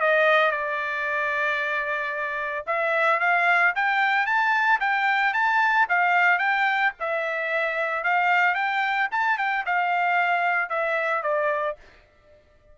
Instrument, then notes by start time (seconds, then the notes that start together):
trumpet
0.00 D#5
0.51 D5
2.67 E5
3.20 F5
3.75 G5
4.26 A5
4.80 G5
5.33 A5
5.89 F5
6.38 G5
7.00 E5
8.04 F5
8.55 G5
9.11 A5
9.38 G5
9.66 F5
10.69 E5
11.23 D5